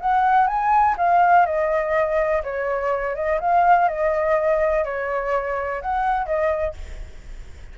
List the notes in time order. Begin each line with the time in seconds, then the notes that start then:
0.00 F#5
0.47 G#5
0.97 F5
1.46 D#5
2.43 C#5
3.15 D#5
3.40 F5
3.88 D#5
4.84 C#5
5.81 F#5
6.26 D#5